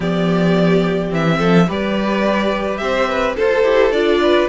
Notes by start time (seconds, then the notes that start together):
0.00 F3 B3 G4 D5
1.09 E3 C4 E5
1.37 F3 A4
1.68 G3 G4 B4 D5
2.77 C4 C5 E5
3.09 B4
3.36 F4 A4 C5
3.63 E4 G4
3.91 D4 F4 D5
4.22 B4